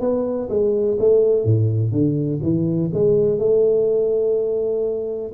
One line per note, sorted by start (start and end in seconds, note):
0.00 0.48 B3
0.49 0.98 G#3
0.99 1.45 A3
1.45 1.92 A2
1.92 2.40 D3
2.42 2.91 E3
2.93 3.38 G#3
3.38 5.32 A3